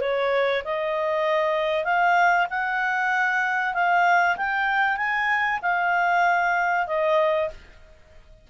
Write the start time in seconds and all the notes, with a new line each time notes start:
0.00 C#5
0.64 D#5
1.84 F5
2.50 F#5
3.74 F5
4.37 G5
4.97 G#5
5.62 F5
6.87 D#5